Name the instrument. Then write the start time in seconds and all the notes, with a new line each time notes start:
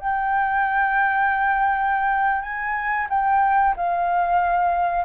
flute
0.00 G5
2.42 G#5
3.10 G5
3.77 F5